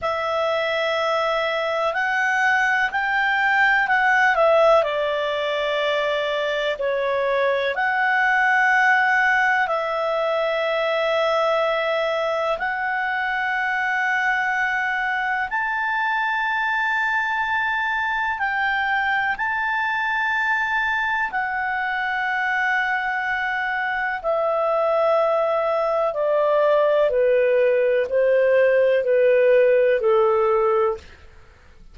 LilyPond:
\new Staff \with { instrumentName = "clarinet" } { \time 4/4 \tempo 4 = 62 e''2 fis''4 g''4 | fis''8 e''8 d''2 cis''4 | fis''2 e''2~ | e''4 fis''2. |
a''2. g''4 | a''2 fis''2~ | fis''4 e''2 d''4 | b'4 c''4 b'4 a'4 | }